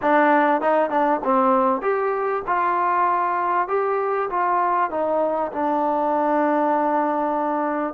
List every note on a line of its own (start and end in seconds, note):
0.02 0.61 D4
0.61 0.89 D#4
0.89 1.20 D4
1.24 1.81 C4
1.81 2.42 G4
2.46 3.67 F4
3.67 4.29 G4
4.30 4.90 F4
4.90 5.51 D#4
5.52 7.94 D4